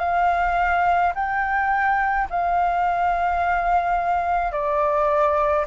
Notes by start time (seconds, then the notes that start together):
0.00 F5
1.15 G5
2.31 F5
4.52 D5